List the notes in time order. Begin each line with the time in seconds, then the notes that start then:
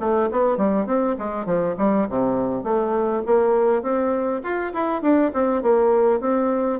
0.00 A3
0.31 B3
0.58 G3
0.86 C4
1.19 G#3
1.46 F3
1.78 G3
2.09 C3
2.64 A3
3.26 A#3
3.82 C4
4.43 F4
4.74 E4
5.02 D4
5.34 C4
5.63 A#3
6.21 C4